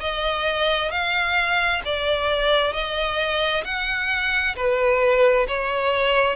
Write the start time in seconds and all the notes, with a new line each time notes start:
0.00 D#5
0.91 F5
1.85 D5
2.73 D#5
3.64 F#5
4.56 B4
5.48 C#5